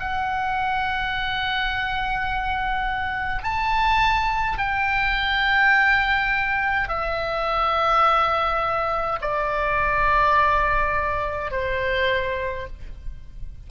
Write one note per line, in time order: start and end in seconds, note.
0.00 3.44 F#5
3.44 4.58 A5
4.58 6.89 G5
6.89 9.19 E5
9.22 11.52 D5
11.52 12.67 C5